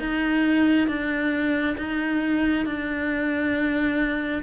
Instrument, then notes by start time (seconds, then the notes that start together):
cello
0.00 D#4
0.88 D4
1.78 D#4
2.66 D4